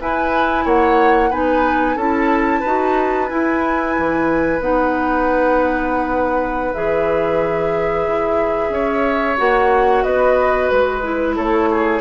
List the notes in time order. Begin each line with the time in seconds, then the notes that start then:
0.00 E4 B4 G#5
0.65 A#3 C#5 F#5
1.30 B3 D#4 B4 G#5
1.96 C#4 E4 A4 A5
2.60 D#4 F#4 B4
3.28 E4 G#5
3.98 E3
4.60 B3 D#4 F#5
6.74 E3 G#4 E5
8.08 E4
8.70 C#4 C#5
9.37 A#3 F#4 F#5
10.04 B3 B4 D#5
10.70 G#3 B4
11.03 E4
11.36 A3 A4 C#5
11.71 G#4